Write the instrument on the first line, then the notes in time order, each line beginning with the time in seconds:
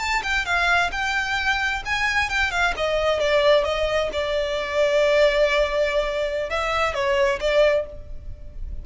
violin
0.00 A5
0.24 G5
0.46 F5
0.92 G5
1.86 G#5
2.30 G5
2.51 F5
2.77 D#5
3.20 D5
3.65 D#5
4.13 D5
6.50 E5
6.94 C#5
7.41 D5